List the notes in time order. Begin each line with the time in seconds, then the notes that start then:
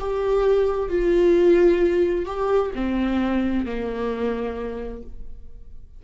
0.00 G4
0.90 F4
2.26 G4
2.75 C4
3.66 A#3